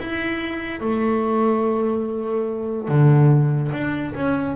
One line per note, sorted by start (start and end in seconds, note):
0.00 0.81 E4
0.81 2.88 A3
2.88 3.72 D3
3.73 4.14 D4
4.15 4.56 C#4